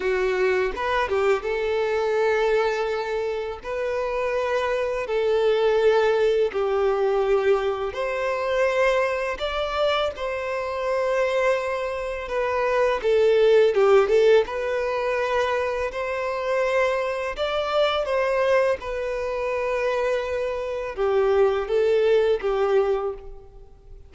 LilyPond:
\new Staff \with { instrumentName = "violin" } { \time 4/4 \tempo 4 = 83 fis'4 b'8 g'8 a'2~ | a'4 b'2 a'4~ | a'4 g'2 c''4~ | c''4 d''4 c''2~ |
c''4 b'4 a'4 g'8 a'8 | b'2 c''2 | d''4 c''4 b'2~ | b'4 g'4 a'4 g'4 | }